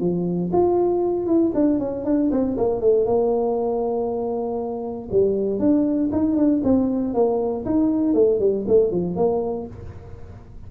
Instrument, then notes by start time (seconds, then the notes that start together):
tuba
0.00 F3
0.52 F4
1.26 E4
1.55 D4
1.80 C#4
2.05 D4
2.31 C4
2.57 A#3
2.81 A3
3.06 A#3
5.11 G3
5.60 D4
6.12 D#4
6.37 D4
6.64 C4
7.14 A#3
7.65 D#4
8.14 A3
8.40 G3
8.68 A3
8.91 F3
9.16 A#3